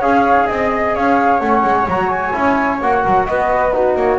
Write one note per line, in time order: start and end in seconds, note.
0.00 0.48 C#4
0.00 1.42 G#4
0.00 0.47 C#5
0.00 0.47 F5
0.47 0.95 C4
0.47 0.94 D#5
0.47 0.95 D#5
0.95 1.41 C#4
0.95 3.04 C#5
0.95 1.40 F5
1.40 1.64 A3
1.40 1.88 C#4
1.40 1.87 F#5
1.64 1.88 G#3
1.88 2.35 F#3
1.88 2.33 F#4
1.88 2.09 A#5
2.09 2.79 G#5
2.33 2.82 C#4
2.33 2.79 E4
2.81 3.05 A#3
2.81 3.73 F#4
2.81 3.27 F#5
3.04 3.29 F#3
3.04 3.27 A#4
3.27 3.96 B3
3.27 3.74 B4
3.27 3.73 D#5
3.73 4.19 D#4
3.73 4.19 F#4
3.73 3.97 B4
3.96 4.19 A#3
3.96 4.19 C#5